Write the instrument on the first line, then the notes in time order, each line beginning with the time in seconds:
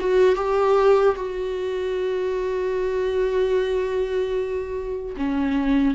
viola
0.00 F#4
0.35 G4
1.16 F#4
5.17 C#4